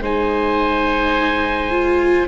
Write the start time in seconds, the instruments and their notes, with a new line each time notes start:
0.00 tuba G#3, viola D#4, oboe C5 G#5
1.71 viola F4